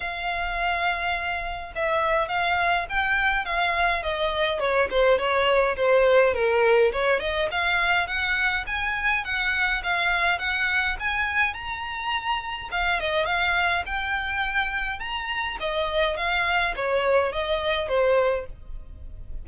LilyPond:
\new Staff \with { instrumentName = "violin" } { \time 4/4 \tempo 4 = 104 f''2. e''4 | f''4 g''4 f''4 dis''4 | cis''8 c''8 cis''4 c''4 ais'4 | cis''8 dis''8 f''4 fis''4 gis''4 |
fis''4 f''4 fis''4 gis''4 | ais''2 f''8 dis''8 f''4 | g''2 ais''4 dis''4 | f''4 cis''4 dis''4 c''4 | }